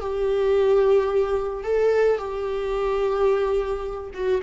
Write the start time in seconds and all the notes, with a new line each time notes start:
0.00 G4
1.63 A4
2.18 G4
4.14 F#4